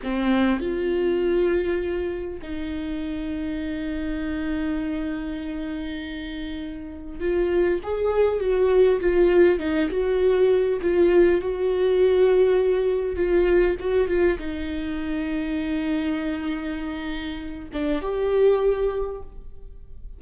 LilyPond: \new Staff \with { instrumentName = "viola" } { \time 4/4 \tempo 4 = 100 c'4 f'2. | dis'1~ | dis'1 | f'4 gis'4 fis'4 f'4 |
dis'8 fis'4. f'4 fis'4~ | fis'2 f'4 fis'8 f'8 | dis'1~ | dis'4. d'8 g'2 | }